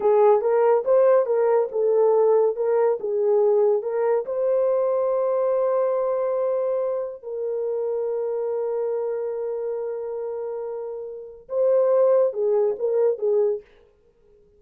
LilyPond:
\new Staff \with { instrumentName = "horn" } { \time 4/4 \tempo 4 = 141 gis'4 ais'4 c''4 ais'4 | a'2 ais'4 gis'4~ | gis'4 ais'4 c''2~ | c''1~ |
c''4 ais'2.~ | ais'1~ | ais'2. c''4~ | c''4 gis'4 ais'4 gis'4 | }